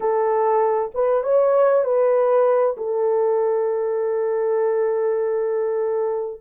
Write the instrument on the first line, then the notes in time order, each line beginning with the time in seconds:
horn
0.00 A4
0.94 B4
1.23 C#5
1.84 B4
2.77 A4